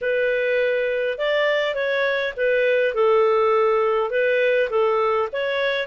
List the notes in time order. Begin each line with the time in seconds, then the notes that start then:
0.01 B4
1.17 D5
1.74 C#5
2.36 B4
2.94 A4
4.10 B4
4.70 A4
5.32 C#5